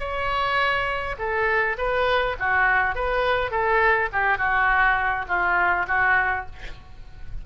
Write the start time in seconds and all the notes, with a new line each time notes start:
0.00 C#5
1.19 A4
1.78 B4
2.40 F#4
2.95 B4
3.51 A4
4.13 G4
4.38 F#4
5.29 F4
5.88 F#4